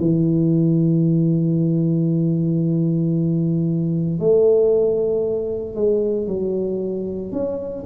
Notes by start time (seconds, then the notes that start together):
0.00 E3
4.20 A3
5.76 G#3
6.28 F#3
7.32 C#4